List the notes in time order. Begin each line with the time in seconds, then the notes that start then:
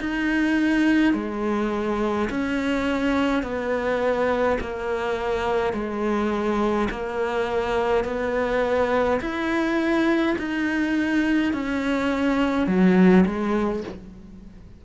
0.00 D#4
1.13 G#3
2.30 C#4
3.42 B3
4.60 A#3
5.73 G#3
6.90 A#3
8.05 B3
9.21 E4
10.38 D#4
11.53 C#4
12.67 F#3
13.26 G#3